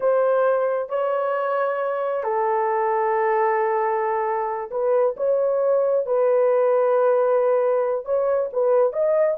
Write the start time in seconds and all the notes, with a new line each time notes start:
0.00 C5
0.89 C#5
2.23 A4
4.70 B4
5.16 C#5
6.05 B4
8.05 C#5
8.52 B4
8.92 D#5